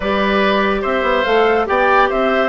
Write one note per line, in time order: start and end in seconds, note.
0.00 0.82 G3
0.00 1.25 G4
0.00 0.81 B4
0.00 0.83 D5
0.81 1.02 C4
0.81 1.64 C5
0.81 1.24 E5
1.02 1.23 B3
1.24 1.68 A3
1.24 1.66 A4
1.24 1.66 F5
1.66 2.10 B3
1.66 2.48 G4
1.66 2.09 D5
1.66 2.09 G5
2.09 2.48 C4
2.09 2.48 C5
2.09 2.48 E5